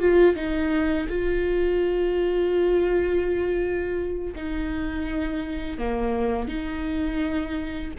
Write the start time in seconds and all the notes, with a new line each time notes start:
0.00 F4
0.36 D#4
1.09 F4
4.36 D#4
5.78 A#3
6.48 D#4